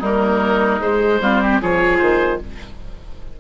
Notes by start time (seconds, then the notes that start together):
0.00 G3 A#3 D#4 A#4
0.81 G#3 C5
1.21 G3 C4 F4
1.42 G4
1.62 F3 F4 G#4 C#5
1.98 D#3 C5